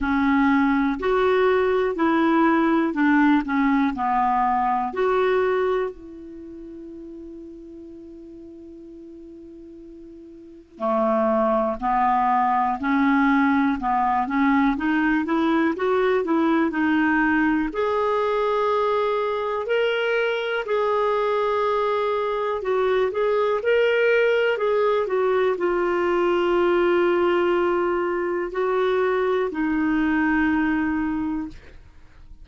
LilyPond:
\new Staff \with { instrumentName = "clarinet" } { \time 4/4 \tempo 4 = 61 cis'4 fis'4 e'4 d'8 cis'8 | b4 fis'4 e'2~ | e'2. a4 | b4 cis'4 b8 cis'8 dis'8 e'8 |
fis'8 e'8 dis'4 gis'2 | ais'4 gis'2 fis'8 gis'8 | ais'4 gis'8 fis'8 f'2~ | f'4 fis'4 dis'2 | }